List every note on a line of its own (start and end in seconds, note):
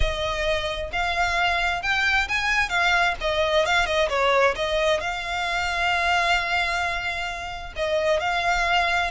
0.00 0.90 D#5
0.92 1.82 F5
1.82 2.27 G5
2.28 2.69 G#5
2.69 3.14 F5
3.20 3.65 D#5
3.65 3.86 F5
3.86 4.08 D#5
4.09 4.54 C#5
4.55 5.00 D#5
5.00 7.73 F5
7.75 8.20 D#5
8.20 9.10 F5